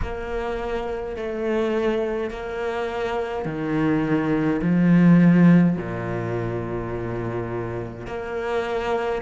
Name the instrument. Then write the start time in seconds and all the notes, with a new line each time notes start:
cello
0.02 A#3
1.16 A3
2.30 A#3
3.45 D#3
4.62 F3
5.77 A#2
8.06 A#3